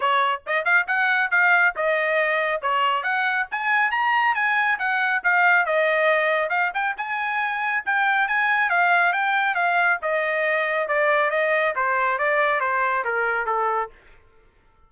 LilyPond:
\new Staff \with { instrumentName = "trumpet" } { \time 4/4 \tempo 4 = 138 cis''4 dis''8 f''8 fis''4 f''4 | dis''2 cis''4 fis''4 | gis''4 ais''4 gis''4 fis''4 | f''4 dis''2 f''8 g''8 |
gis''2 g''4 gis''4 | f''4 g''4 f''4 dis''4~ | dis''4 d''4 dis''4 c''4 | d''4 c''4 ais'4 a'4 | }